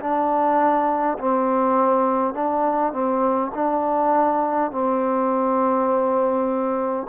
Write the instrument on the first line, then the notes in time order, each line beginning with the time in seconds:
trombone
0.00 D4
1.18 C4
2.34 D4
2.92 C4
3.54 D4
4.71 C4